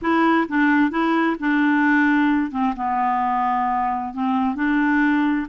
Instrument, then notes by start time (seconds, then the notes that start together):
clarinet
0.01 E4
0.48 D4
0.90 E4
1.39 D4
2.51 C4
2.76 B3
4.13 C4
4.55 D4